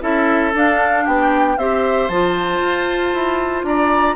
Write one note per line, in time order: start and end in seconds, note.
0.00 0.53 C#4
0.00 0.52 E4
0.00 1.04 A4
0.00 0.53 E5
0.54 1.05 D4
0.54 1.58 D4
0.54 1.06 F5
1.04 1.57 B3
1.04 1.55 G4
1.04 1.57 G5
1.57 2.08 C4
1.57 2.10 G4
1.57 3.66 C5
1.57 2.08 E5
2.08 2.60 F3
2.08 4.16 F4
2.08 3.64 A5
2.61 3.12 F4
3.13 3.63 E4
3.63 4.15 D4
3.63 4.16 D5
3.63 4.16 A#5